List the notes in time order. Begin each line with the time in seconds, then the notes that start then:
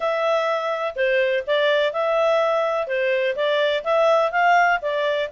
0.00 E5
0.95 C5
1.46 D5
1.92 E5
2.87 C5
3.35 D5
3.84 E5
4.31 F5
4.81 D5